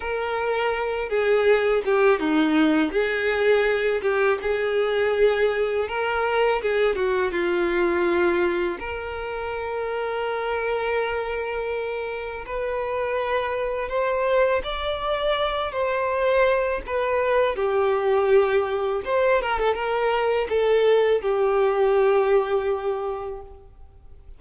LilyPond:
\new Staff \with { instrumentName = "violin" } { \time 4/4 \tempo 4 = 82 ais'4. gis'4 g'8 dis'4 | gis'4. g'8 gis'2 | ais'4 gis'8 fis'8 f'2 | ais'1~ |
ais'4 b'2 c''4 | d''4. c''4. b'4 | g'2 c''8 ais'16 a'16 ais'4 | a'4 g'2. | }